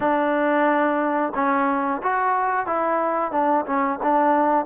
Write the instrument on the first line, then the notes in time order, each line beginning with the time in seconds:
trombone
0.00 D4
1.35 C#4
2.02 F#4
2.66 E4
3.32 D4
3.65 C#4
4.02 D4